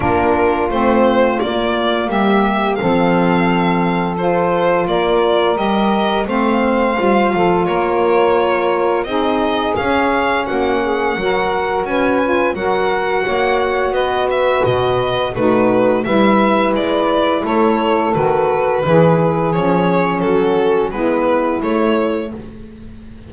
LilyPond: <<
  \new Staff \with { instrumentName = "violin" } { \time 4/4 \tempo 4 = 86 ais'4 c''4 d''4 e''4 | f''2 c''4 d''4 | dis''4 f''2 cis''4~ | cis''4 dis''4 f''4 fis''4~ |
fis''4 gis''4 fis''2 | dis''8 e''8 dis''4 b'4 e''4 | d''4 cis''4 b'2 | cis''4 a'4 b'4 cis''4 | }
  \new Staff \with { instrumentName = "saxophone" } { \time 4/4 f'2. g'4 | a'2. ais'4~ | ais'4 c''4. a'8 ais'4~ | ais'4 gis'2 fis'8 gis'8 |
ais'4 b'4 ais'4 cis''4 | b'2 fis'4 b'4~ | b'4 a'2 gis'4~ | gis'4 fis'4 e'2 | }
  \new Staff \with { instrumentName = "saxophone" } { \time 4/4 d'4 c'4 ais2 | c'2 f'2 | g'4 c'4 f'2~ | f'4 dis'4 cis'2 |
fis'4. f'8 fis'2~ | fis'2 dis'4 e'4~ | e'2 fis'4 e'4 | cis'2 b4 a4 | }
  \new Staff \with { instrumentName = "double bass" } { \time 4/4 ais4 a4 ais4 g4 | f2. ais4 | g4 a4 g8 f8 ais4~ | ais4 c'4 cis'4 ais4 |
fis4 cis'4 fis4 ais4 | b4 b,4 a4 g4 | gis4 a4 dis4 e4 | f4 fis4 gis4 a4 | }
>>